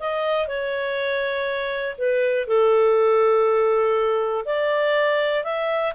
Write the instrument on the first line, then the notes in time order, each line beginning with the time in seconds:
clarinet
0.00 D#5
0.48 C#5
1.98 B4
2.47 A4
4.46 D5
5.44 E5